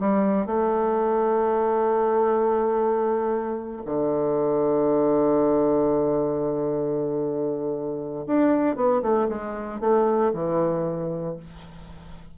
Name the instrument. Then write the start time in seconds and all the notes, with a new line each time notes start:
bassoon
0.00 G3
0.46 A3
3.85 D3
8.27 D4
8.76 B3
9.03 A3
9.29 G#3
9.80 A3
10.33 E3